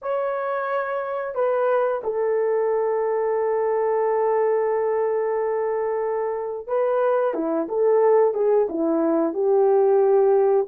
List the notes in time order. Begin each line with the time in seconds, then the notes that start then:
0.02 C#5
1.35 B4
2.03 A4
6.67 B4
7.34 E4
7.68 A4
8.34 G#4
8.69 E4
9.33 G4